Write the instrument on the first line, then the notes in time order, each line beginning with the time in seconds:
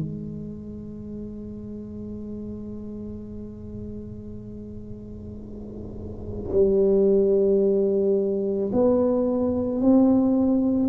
tuba
0.00 G#3
6.53 G3
8.73 B3
9.81 C4